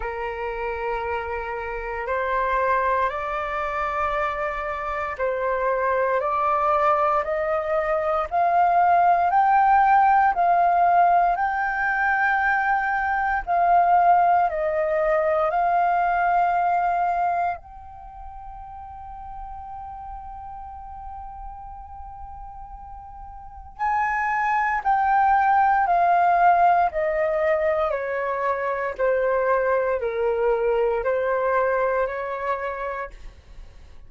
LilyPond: \new Staff \with { instrumentName = "flute" } { \time 4/4 \tempo 4 = 58 ais'2 c''4 d''4~ | d''4 c''4 d''4 dis''4 | f''4 g''4 f''4 g''4~ | g''4 f''4 dis''4 f''4~ |
f''4 g''2.~ | g''2. gis''4 | g''4 f''4 dis''4 cis''4 | c''4 ais'4 c''4 cis''4 | }